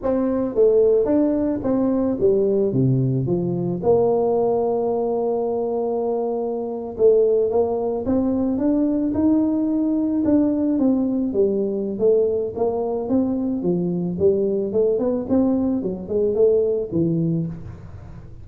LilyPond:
\new Staff \with { instrumentName = "tuba" } { \time 4/4 \tempo 4 = 110 c'4 a4 d'4 c'4 | g4 c4 f4 ais4~ | ais1~ | ais8. a4 ais4 c'4 d'16~ |
d'8. dis'2 d'4 c'16~ | c'8. g4~ g16 a4 ais4 | c'4 f4 g4 a8 b8 | c'4 fis8 gis8 a4 e4 | }